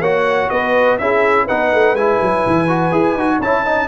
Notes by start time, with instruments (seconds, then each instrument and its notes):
0.00 tuba A#3, trombone F#4, horn C#5, trumpet F#5
0.49 tuba B3, horn B4, trumpet D#5
0.98 tuba C#4, trombone E4, horn G#4, trumpet E5
1.44 trombone D#4, horn B4, trumpet F#5
1.51 tuba B3
1.73 tuba A3
1.93 tuba G#3, trombone E4, trumpet G#5
2.21 tuba F#3
2.46 tuba E3
2.68 trombone F#4
2.92 tuba E4, trombone G#4
3.14 tuba D#4, trombone F#4
3.39 tuba C#4, trombone E4, horn C#5, trumpet A5
3.65 trombone D#4, horn D#5